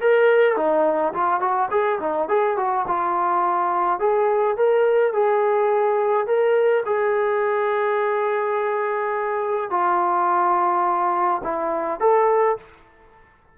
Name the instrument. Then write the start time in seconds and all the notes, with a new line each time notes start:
trombone
0.00 A#4
0.56 D#4
1.13 F4
1.40 F#4
1.70 G#4
2.00 D#4
2.28 G#4
2.57 F#4
2.87 F4
3.99 G#4
4.57 A#4
5.13 G#4
6.26 A#4
6.85 G#4
9.70 F4
11.43 E4
11.99 A4